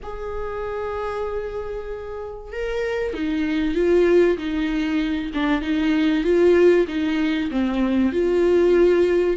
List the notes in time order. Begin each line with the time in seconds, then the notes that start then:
0.02 G#4
2.52 A#4
3.13 D#4
3.74 F4
4.37 D#4
5.34 D4
5.61 D#4
6.24 F4
6.87 D#4
7.51 C4
8.12 F4